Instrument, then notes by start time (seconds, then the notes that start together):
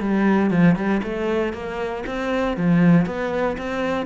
cello
0.00 G3
0.50 F3
0.76 G3
1.03 A3
1.53 A#3
2.06 C4
2.57 F3
3.06 B3
3.58 C4